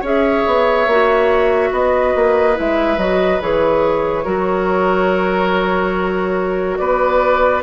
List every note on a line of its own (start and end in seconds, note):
0.00 0.44 C#4
0.00 0.88 G#4
0.00 1.69 C#5
0.00 1.73 E5
0.46 0.86 B3
0.86 1.71 A#3
0.86 2.54 F#4
1.71 2.14 B3
1.71 4.24 B4
1.71 2.58 D#5
2.15 2.57 A#3
2.54 2.97 G#3
2.54 2.96 E4
2.54 2.99 E5
2.97 3.39 F#3
2.97 3.40 F#4
2.97 3.41 D#5
3.40 4.25 E3
3.40 4.24 G#4
3.40 6.77 C#5
4.24 6.79 F#3
4.24 7.62 F#4
4.24 6.78 A#4
6.77 7.63 B3
6.77 7.63 B4
6.77 7.61 D5